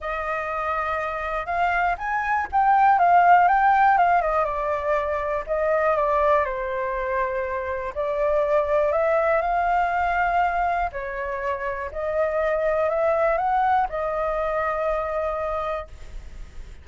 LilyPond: \new Staff \with { instrumentName = "flute" } { \time 4/4 \tempo 4 = 121 dis''2. f''4 | gis''4 g''4 f''4 g''4 | f''8 dis''8 d''2 dis''4 | d''4 c''2. |
d''2 e''4 f''4~ | f''2 cis''2 | dis''2 e''4 fis''4 | dis''1 | }